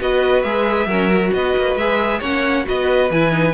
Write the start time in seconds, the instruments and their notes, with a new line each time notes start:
0.00 cello B3, viola F#4, violin B4 D#5
0.42 cello G#3, viola G#4, violin E5
0.86 cello F#3, viola C#4, violin A#4
1.11 viola F#4
1.33 cello B3, violin B4 D#5
1.57 cello A#3
1.76 cello G#3, viola G#4, violin E5
2.19 cello A#3, viola C#4, violin C#5 F#5
2.64 cello B3, viola F#4, violin B4 D#5
3.10 cello E3, viola E4, violin G#5
3.31 viola D#4